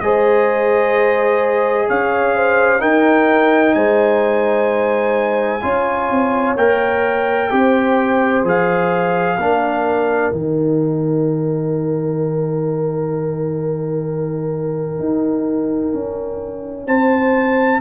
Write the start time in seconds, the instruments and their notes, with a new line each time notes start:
0.00 tuba G#3, trombone G#4, horn C5, trumpet D#5
1.88 tuba C#4, horn C#5, trumpet F5
2.35 horn C5
2.79 trombone D#4, tuba D#4, horn A#4, trumpet G5
3.74 tuba G#3, horn C5, trumpet G#5
5.61 tuba C#4, trombone F4, horn C#5
6.10 tuba C4
6.56 tuba A#3, trombone A#4, trumpet G5
7.50 tuba C4, trombone G4, horn C5
8.43 tuba F3, trombone G#4, trumpet F5
9.37 tuba A#3, trombone D4, horn A#4
10.32 tuba D#3, trombone D#4, trumpet G5
14.99 tuba D#4
15.93 tuba C#4
16.86 tuba C4, horn C5, trumpet A5